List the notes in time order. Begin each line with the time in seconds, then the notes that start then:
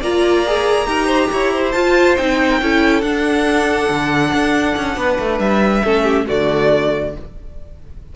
0.00 A#3 F4 D5 A#5
0.46 G#4
0.86 D#4 G4 A#4
1.06 C5
1.32 E4 C#5
1.52 C5
1.71 F4 A5
2.17 C4 D#4 G5
2.49 A#4
2.61 C#4 E4 A4
3.01 D4 F#5
3.89 D3
4.33 D4
4.77 C#4
4.97 B3 B4
5.18 A3
5.39 G3 E5
5.84 A3 C#4 A4
6.03 G4
6.26 D3 A3 F#4 D5